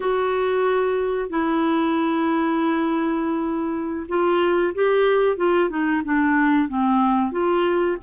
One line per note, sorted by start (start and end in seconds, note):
0.00 1.29 F#4
1.29 4.06 E4
4.08 4.73 F4
4.74 5.37 G4
5.37 5.69 F4
5.69 6.02 D#4
6.04 6.68 D4
6.68 7.31 C4
7.31 7.97 F4